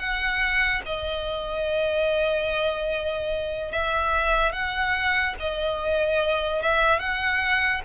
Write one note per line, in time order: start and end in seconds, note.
0.00 0.82 F#5
0.86 3.72 D#5
3.72 4.53 E5
4.53 5.35 F#5
5.40 6.62 D#5
6.62 6.99 E5
6.99 7.82 F#5